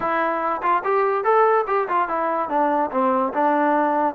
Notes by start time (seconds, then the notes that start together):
0.00 E4
0.62 F4
0.84 G4
1.24 A4
1.67 G4
1.88 F4
2.08 E4
2.49 D4
2.91 C4
3.33 D4